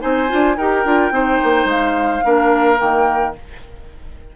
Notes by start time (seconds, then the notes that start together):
0.00 C4 D#4 C5 G#5
0.28 D4 F4
0.57 D#4 G4 A#4 G5
0.85 D4 F4
1.11 C4 D#4 C5
1.43 A#3
1.65 G#3 F5
2.24 A#3 D4 A#4
2.78 D#3 A#3 G5